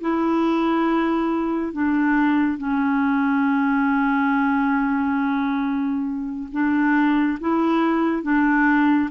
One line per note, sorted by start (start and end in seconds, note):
0.00 1.72 E4
1.72 2.57 D4
2.57 6.49 C#4
6.51 7.38 D4
7.40 8.22 E4
8.22 9.09 D4